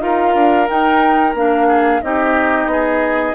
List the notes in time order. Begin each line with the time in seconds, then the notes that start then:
0.00 D#4 F4 A#4 F5
0.34 D4
0.67 D#4 G5
1.34 A#3 D4 F5
1.67 G#4
2.01 C4 D#4 G4 D#5
2.66 B3 G#4